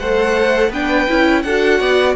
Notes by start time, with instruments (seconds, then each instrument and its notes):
0.00 cello A3, viola A4, violin C5 F#5
0.70 cello B3, viola D4, violin B4 G5
1.09 cello C#4, viola E4
1.43 cello D4, viola F#4, violin A4 F#5
1.80 cello B3, violin D5